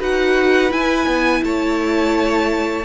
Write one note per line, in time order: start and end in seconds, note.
0.00 0.72 D#4
0.00 0.70 F#4
0.00 1.43 B4
0.00 0.72 F#5
0.70 2.84 E4
0.70 1.07 E4
0.70 1.44 G#5
1.07 1.43 B3
1.44 2.86 A3
1.44 2.86 C#5
1.44 2.86 A5